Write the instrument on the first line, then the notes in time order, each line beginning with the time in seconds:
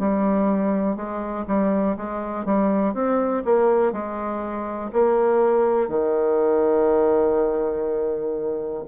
bassoon
0.00 G3
0.96 G#3
1.48 G3
1.97 G#3
2.46 G3
2.94 C4
3.45 A#3
3.93 G#3
4.93 A#3
5.89 D#3